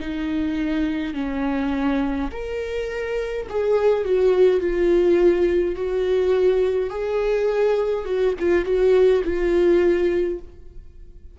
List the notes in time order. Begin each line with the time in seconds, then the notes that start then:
0.00 D#4
1.14 C#4
2.32 A#4
3.49 G#4
4.05 F#4
4.60 F4
5.76 F#4
6.90 G#4
8.05 F#4
8.39 F4
8.65 F#4
9.24 F4